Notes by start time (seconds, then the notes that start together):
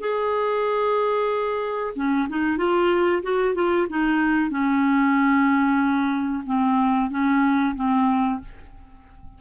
0.00 G#4
1.96 C#4
2.29 D#4
2.57 F4
3.23 F#4
3.55 F4
3.89 D#4
4.50 C#4
6.46 C4
7.10 C#4
7.75 C4